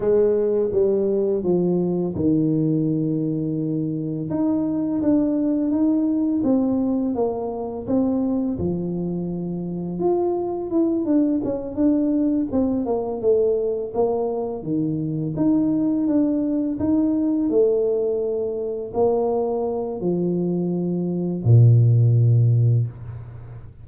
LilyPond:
\new Staff \with { instrumentName = "tuba" } { \time 4/4 \tempo 4 = 84 gis4 g4 f4 dis4~ | dis2 dis'4 d'4 | dis'4 c'4 ais4 c'4 | f2 f'4 e'8 d'8 |
cis'8 d'4 c'8 ais8 a4 ais8~ | ais8 dis4 dis'4 d'4 dis'8~ | dis'8 a2 ais4. | f2 ais,2 | }